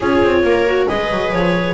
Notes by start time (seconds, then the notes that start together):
0.00 C#4 F4 G#4 C#5
0.22 C4
0.43 A#3 A#4
0.66 F#4
0.88 G#3 G#4 B4 D#5
1.10 F#3
1.32 F3 C#5